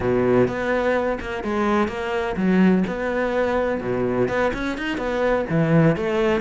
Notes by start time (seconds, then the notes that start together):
0.00 B2
0.47 B3
1.20 A#3
1.43 G#3
1.88 A#3
2.36 F#3
2.87 B3
3.81 B2
4.28 B3
4.53 C#4
4.77 D#4
4.97 B3
5.49 E3
5.96 A3